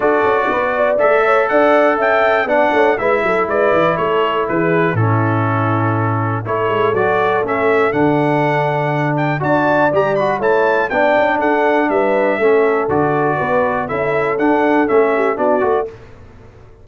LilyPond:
<<
  \new Staff \with { instrumentName = "trumpet" } { \time 4/4 \tempo 4 = 121 d''2 e''4 fis''4 | g''4 fis''4 e''4 d''4 | cis''4 b'4 a'2~ | a'4 cis''4 d''4 e''4 |
fis''2~ fis''8 g''8 a''4 | ais''8 b''8 a''4 g''4 fis''4 | e''2 d''2 | e''4 fis''4 e''4 d''4 | }
  \new Staff \with { instrumentName = "horn" } { \time 4/4 a'4 b'8 d''4 cis''8 d''4 | e''4 d''8 cis''8 b'8 a'8 b'4 | a'4 gis'4 e'2~ | e'4 a'2.~ |
a'2. d''4~ | d''4 cis''4 d''4 a'4 | b'4 a'2 b'4 | a'2~ a'8 g'8 fis'4 | }
  \new Staff \with { instrumentName = "trombone" } { \time 4/4 fis'2 a'2~ | a'4 d'4 e'2~ | e'2 cis'2~ | cis'4 e'4 fis'4 cis'4 |
d'2. fis'4 | g'8 fis'8 e'4 d'2~ | d'4 cis'4 fis'2 | e'4 d'4 cis'4 d'8 fis'8 | }
  \new Staff \with { instrumentName = "tuba" } { \time 4/4 d'8 cis'8 b4 a4 d'4 | cis'4 b8 a8 gis8 fis8 gis8 e8 | a4 e4 a,2~ | a,4 a8 gis8 fis4 a4 |
d2. d'4 | g4 a4 b8 cis'8 d'4 | g4 a4 d4 b4 | cis'4 d'4 a4 b8 a8 | }
>>